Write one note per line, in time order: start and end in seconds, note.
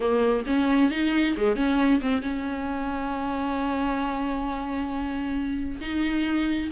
0.00 0.44 A#3
0.46 0.90 C#4
0.90 1.35 D#4
1.36 1.56 G#3
1.56 2.00 C#4
2.01 2.21 C4
2.21 5.80 C#4
5.80 6.70 D#4